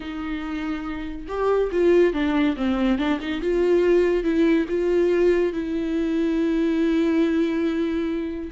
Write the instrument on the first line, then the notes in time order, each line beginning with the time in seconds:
viola
0.00 D#4
1.27 G4
1.71 F4
2.13 D4
2.56 C4
2.98 D4
3.19 D#4
3.41 F4
4.23 E4
4.68 F4
5.53 E4